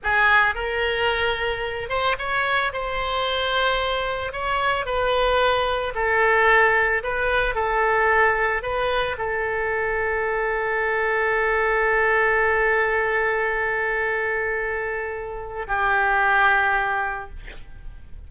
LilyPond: \new Staff \with { instrumentName = "oboe" } { \time 4/4 \tempo 4 = 111 gis'4 ais'2~ ais'8 c''8 | cis''4 c''2. | cis''4 b'2 a'4~ | a'4 b'4 a'2 |
b'4 a'2.~ | a'1~ | a'1~ | a'4 g'2. | }